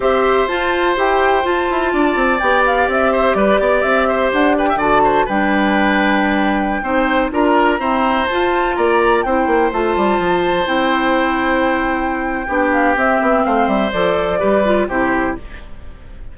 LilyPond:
<<
  \new Staff \with { instrumentName = "flute" } { \time 4/4 \tempo 4 = 125 e''4 a''4 g''4 a''4~ | a''4 g''8 f''8 e''4 d''4 | e''4 fis''8 g''8 a''4 g''4~ | g''2.~ g''16 ais''8.~ |
ais''4~ ais''16 a''4 ais''4 g''8.~ | g''16 a''2 g''4.~ g''16~ | g''2~ g''8 f''8 e''4 | f''8 e''8 d''2 c''4 | }
  \new Staff \with { instrumentName = "oboe" } { \time 4/4 c''1 | d''2~ d''8 c''8 b'8 d''8~ | d''8 c''4 b'16 e''16 d''8 c''8 b'4~ | b'2~ b'16 c''4 ais'8.~ |
ais'16 c''2 d''4 c''8.~ | c''1~ | c''2 g'2 | c''2 b'4 g'4 | }
  \new Staff \with { instrumentName = "clarinet" } { \time 4/4 g'4 f'4 g'4 f'4~ | f'4 g'2.~ | g'2 fis'4 d'4~ | d'2~ d'16 dis'4 f'8.~ |
f'16 c'4 f'2 e'8.~ | e'16 f'2 e'4.~ e'16~ | e'2 d'4 c'4~ | c'4 a'4 g'8 f'8 e'4 | }
  \new Staff \with { instrumentName = "bassoon" } { \time 4/4 c'4 f'4 e'4 f'8 e'8 | d'8 c'8 b4 c'4 g8 b8 | c'4 d'4 d4 g4~ | g2~ g16 c'4 d'8.~ |
d'16 e'4 f'4 ais4 c'8 ais16~ | ais16 a8 g8 f4 c'4.~ c'16~ | c'2 b4 c'8 b8 | a8 g8 f4 g4 c4 | }
>>